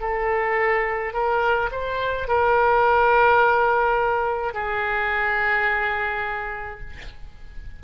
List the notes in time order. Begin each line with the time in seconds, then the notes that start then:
0.00 A4
1.13 A#4
1.71 C5
2.27 A#4
4.53 G#4